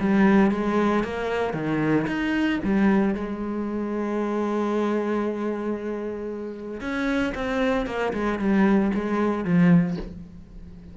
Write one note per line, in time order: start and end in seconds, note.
0.00 0.51 G3
0.51 1.04 G#3
1.04 1.54 A#3
1.54 2.06 D#3
2.07 2.60 D#4
2.64 3.15 G3
3.15 6.81 G#3
6.81 7.33 C#4
7.35 7.87 C4
7.87 8.13 A#3
8.13 8.39 G#3
8.39 8.92 G3
8.95 9.45 G#3
9.45 9.97 F3